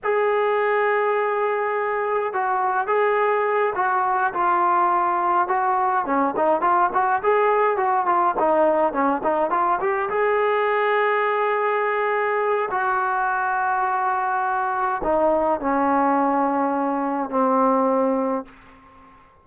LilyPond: \new Staff \with { instrumentName = "trombone" } { \time 4/4 \tempo 4 = 104 gis'1 | fis'4 gis'4. fis'4 f'8~ | f'4. fis'4 cis'8 dis'8 f'8 | fis'8 gis'4 fis'8 f'8 dis'4 cis'8 |
dis'8 f'8 g'8 gis'2~ gis'8~ | gis'2 fis'2~ | fis'2 dis'4 cis'4~ | cis'2 c'2 | }